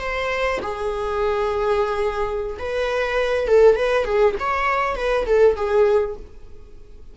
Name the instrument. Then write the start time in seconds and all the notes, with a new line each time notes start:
viola
0.00 C5
0.62 G#4
2.59 B4
3.48 A4
3.76 B4
4.05 G#4
4.40 C#5
4.96 B4
5.26 A4
5.56 G#4